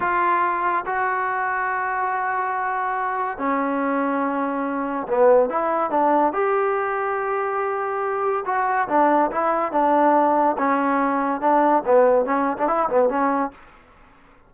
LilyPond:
\new Staff \with { instrumentName = "trombone" } { \time 4/4 \tempo 4 = 142 f'2 fis'2~ | fis'1 | cis'1 | b4 e'4 d'4 g'4~ |
g'1 | fis'4 d'4 e'4 d'4~ | d'4 cis'2 d'4 | b4 cis'8. d'16 e'8 b8 cis'4 | }